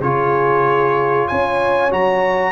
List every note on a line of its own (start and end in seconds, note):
0.00 1.26 C#3
0.00 1.90 F4
0.00 1.28 G#4
0.00 1.28 C#5
1.28 1.93 C#4
1.28 2.52 C#5
1.28 1.91 G#5
1.90 2.52 F#3
1.90 2.52 F#4
1.90 2.52 A#5